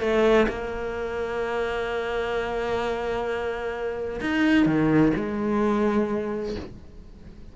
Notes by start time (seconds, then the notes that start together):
0.00 A3
0.48 A#3
4.21 D#4
4.66 D#3
5.16 G#3